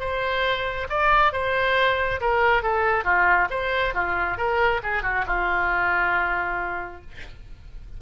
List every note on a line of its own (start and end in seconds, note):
0.00 0.88 C5
0.90 1.33 D5
1.33 2.20 C5
2.21 2.63 A#4
2.63 3.05 A4
3.05 3.48 F4
3.51 3.94 C5
3.94 4.38 F4
4.38 4.81 A#4
4.83 5.03 G#4
5.03 5.25 F#4
5.27 7.02 F4